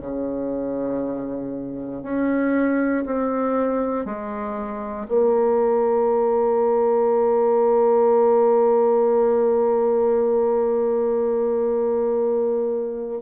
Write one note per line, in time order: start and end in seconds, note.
0.00 2.02 C#3
2.02 3.04 C#4
3.06 4.05 C4
4.05 5.07 G#3
5.08 13.21 A#3